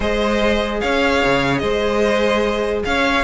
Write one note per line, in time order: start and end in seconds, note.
0.00 0.81 G#3
0.00 3.22 G#4
0.00 0.80 C5
0.00 0.80 D#5
0.80 1.23 C#4
0.80 1.61 C#5
0.80 1.58 F5
1.24 1.61 C#3
1.58 2.83 G#3
1.58 2.83 C5
1.58 2.79 D#5
2.84 3.24 C#4
2.84 3.24 C#5
2.84 3.24 F5